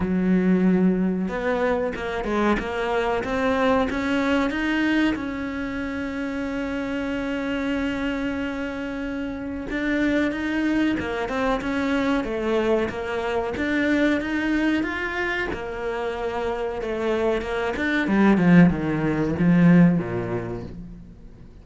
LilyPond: \new Staff \with { instrumentName = "cello" } { \time 4/4 \tempo 4 = 93 fis2 b4 ais8 gis8 | ais4 c'4 cis'4 dis'4 | cis'1~ | cis'2. d'4 |
dis'4 ais8 c'8 cis'4 a4 | ais4 d'4 dis'4 f'4 | ais2 a4 ais8 d'8 | g8 f8 dis4 f4 ais,4 | }